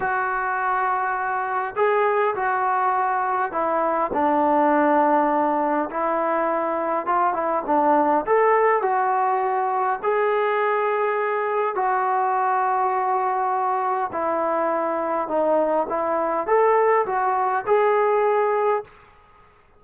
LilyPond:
\new Staff \with { instrumentName = "trombone" } { \time 4/4 \tempo 4 = 102 fis'2. gis'4 | fis'2 e'4 d'4~ | d'2 e'2 | f'8 e'8 d'4 a'4 fis'4~ |
fis'4 gis'2. | fis'1 | e'2 dis'4 e'4 | a'4 fis'4 gis'2 | }